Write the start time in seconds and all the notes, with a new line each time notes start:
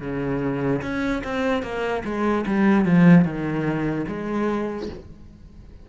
0.00 C#3
0.81 C#4
1.23 C4
1.62 A#3
2.04 G#3
2.47 G3
2.85 F3
3.24 D#3
4.07 G#3